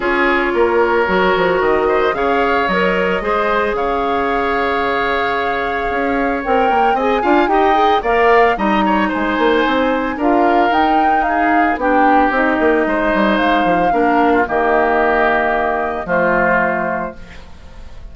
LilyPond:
<<
  \new Staff \with { instrumentName = "flute" } { \time 4/4 \tempo 4 = 112 cis''2. dis''4 | f''4 dis''2 f''4~ | f''1 | g''4 gis''4 g''4 f''4 |
ais''4 gis''2 f''4 | g''4 f''4 g''4 dis''4~ | dis''4 f''2 dis''4~ | dis''2 c''2 | }
  \new Staff \with { instrumentName = "oboe" } { \time 4/4 gis'4 ais'2~ ais'8 c''8 | cis''2 c''4 cis''4~ | cis''1~ | cis''4 dis''8 f''8 dis''4 d''4 |
dis''8 cis''8 c''2 ais'4~ | ais'4 gis'4 g'2 | c''2 ais'8. f'16 g'4~ | g'2 f'2 | }
  \new Staff \with { instrumentName = "clarinet" } { \time 4/4 f'2 fis'2 | gis'4 ais'4 gis'2~ | gis'1 | ais'4 gis'8 f'8 g'8 gis'8 ais'4 |
dis'2. f'4 | dis'2 d'4 dis'4~ | dis'2 d'4 ais4~ | ais2 a2 | }
  \new Staff \with { instrumentName = "bassoon" } { \time 4/4 cis'4 ais4 fis8 f8 dis4 | cis4 fis4 gis4 cis4~ | cis2. cis'4 | c'8 ais8 c'8 d'8 dis'4 ais4 |
g4 gis8 ais8 c'4 d'4 | dis'2 b4 c'8 ais8 | gis8 g8 gis8 f8 ais4 dis4~ | dis2 f2 | }
>>